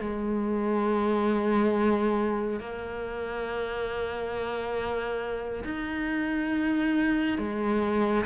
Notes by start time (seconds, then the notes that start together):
0.00 G#3
2.60 A#3
5.65 D#4
7.38 G#3